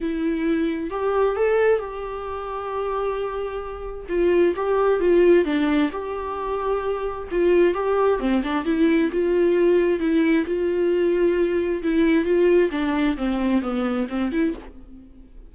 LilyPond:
\new Staff \with { instrumentName = "viola" } { \time 4/4 \tempo 4 = 132 e'2 g'4 a'4 | g'1~ | g'4 f'4 g'4 f'4 | d'4 g'2. |
f'4 g'4 c'8 d'8 e'4 | f'2 e'4 f'4~ | f'2 e'4 f'4 | d'4 c'4 b4 c'8 e'8 | }